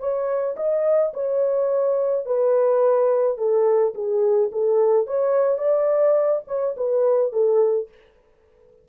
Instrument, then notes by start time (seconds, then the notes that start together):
horn
0.00 C#5
0.57 D#5
1.14 C#5
2.26 B4
3.38 A4
3.95 G#4
4.52 A4
5.07 C#5
5.58 D5
6.48 C#5
6.77 B4
7.33 A4